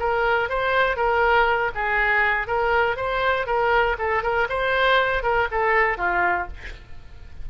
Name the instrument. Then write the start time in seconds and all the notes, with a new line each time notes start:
oboe
0.00 A#4
0.50 C5
0.96 A#4
1.75 G#4
2.47 A#4
2.96 C5
3.47 A#4
3.99 A4
4.23 A#4
4.50 C5
5.23 A#4
5.52 A4
5.98 F4